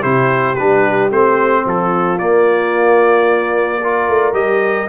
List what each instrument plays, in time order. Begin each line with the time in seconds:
0.00 tuba C3, trombone E4, horn G4, trumpet C5
0.55 tuba G3, trombone D4, trumpet B4
1.10 tuba A3, trombone C4, trumpet C5
1.65 tuba F3, horn F4, trumpet A4
2.18 trombone A#3, tuba A#3, trumpet D5
3.81 trombone F4, horn A#4
4.08 tuba A3
4.33 tuba G3, trombone G4, trumpet D#5